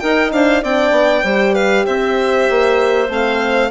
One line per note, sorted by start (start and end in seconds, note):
0.00 0.64 D#4
0.00 0.33 D#4
0.00 0.32 A#4
0.00 0.31 G5
0.33 0.64 D4
0.33 0.63 C5
0.33 0.64 F5
0.63 0.91 C4
0.63 1.25 D4
0.63 1.25 D5
0.63 1.55 G5
0.91 1.22 B3
1.24 1.86 G3
1.24 3.09 G4
1.24 1.55 C5
1.55 1.86 B4
1.55 1.86 F5
1.86 2.50 C4
1.86 3.71 C5
1.86 3.10 E5
2.50 3.09 A#3
3.09 3.71 A3
3.09 3.71 C4
3.09 3.71 F5